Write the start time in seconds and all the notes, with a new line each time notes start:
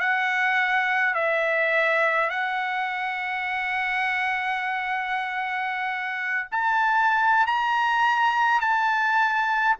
0.00 F#5
1.15 E5
2.30 F#5
6.52 A5
7.47 A#5
8.61 A5